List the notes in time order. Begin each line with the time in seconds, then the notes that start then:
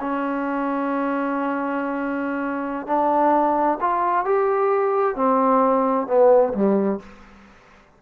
0.00 C#4
2.86 D4
3.80 F4
4.25 G4
5.15 C4
6.07 B3
6.53 G3